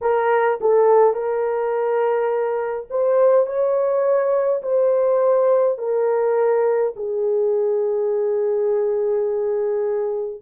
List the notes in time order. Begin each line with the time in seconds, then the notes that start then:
0.01 A#4
0.61 A4
1.13 A#4
2.90 C5
3.46 C#5
4.62 C5
5.77 A#4
6.95 G#4